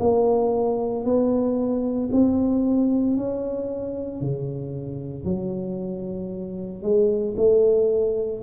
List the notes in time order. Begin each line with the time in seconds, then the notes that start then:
0.00 A#3
1.05 B3
2.12 C4
3.17 C#4
4.21 C#3
5.25 F#3
6.83 G#3
7.37 A3